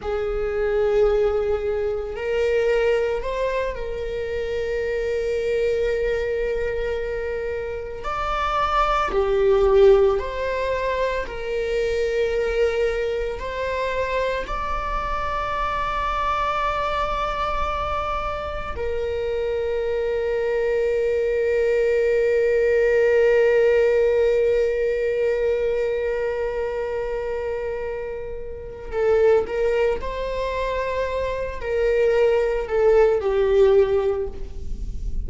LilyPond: \new Staff \with { instrumentName = "viola" } { \time 4/4 \tempo 4 = 56 gis'2 ais'4 c''8 ais'8~ | ais'2.~ ais'8 d''8~ | d''8 g'4 c''4 ais'4.~ | ais'8 c''4 d''2~ d''8~ |
d''4. ais'2~ ais'8~ | ais'1~ | ais'2. a'8 ais'8 | c''4. ais'4 a'8 g'4 | }